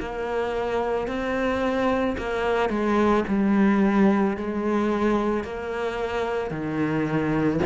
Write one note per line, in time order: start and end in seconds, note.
0.00 1.08 A#3
1.08 2.17 C4
2.18 2.70 A#3
2.70 3.24 G#3
3.28 4.37 G3
4.37 5.44 G#3
5.44 6.51 A#3
6.51 7.60 D#3